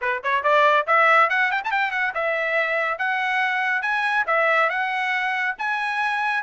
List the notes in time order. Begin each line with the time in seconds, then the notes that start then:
0.01 B4
0.23 C#5
0.43 D5
0.86 E5
1.29 F#5
1.51 G5
1.64 A5
1.71 G5
1.91 F#5
2.14 E5
2.98 F#5
3.82 G#5
4.26 E5
4.69 F#5
5.58 G#5